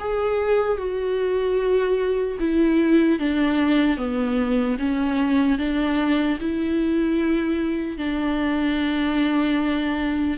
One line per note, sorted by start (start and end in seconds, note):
0.00 0.78 G#4
0.78 2.38 F#4
2.40 3.20 E4
3.20 3.98 D4
3.98 4.78 B3
4.79 5.59 C#4
5.59 6.39 D4
6.40 7.98 E4
7.98 10.38 D4